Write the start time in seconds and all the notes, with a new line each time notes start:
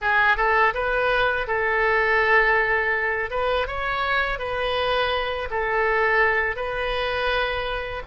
0.01 G#4
0.37 A4
0.74 B4
1.47 A4
3.30 B4
3.67 C#5
4.38 B4
5.50 A4
6.56 B4